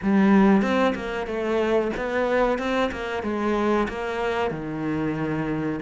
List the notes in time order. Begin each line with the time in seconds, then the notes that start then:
0.02 G3
0.61 C4
0.95 A#3
1.26 A3
1.96 B3
2.58 C4
2.91 A#3
3.23 G#3
3.88 A#3
4.50 D#3